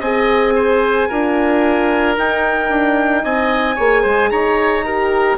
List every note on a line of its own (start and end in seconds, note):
0.00 1.08 C4
0.00 1.10 G#4
0.00 0.54 D#5
0.00 2.16 G#5
0.55 1.09 C5
1.09 2.17 D4
1.09 2.17 F4
1.09 3.23 A#4
2.17 2.69 D#4
2.17 3.77 D#4
2.17 3.25 G5
2.69 3.23 D4
3.24 3.78 C4
3.24 3.76 D#5
3.24 4.31 G#5
3.76 4.05 A#3
3.76 4.84 G#4
3.76 4.02 C#5
4.02 4.31 G#3
4.02 4.29 C5
4.31 5.37 D#4
4.31 4.85 C#5
4.31 5.37 A#5
4.85 5.37 G4
4.85 5.37 A#4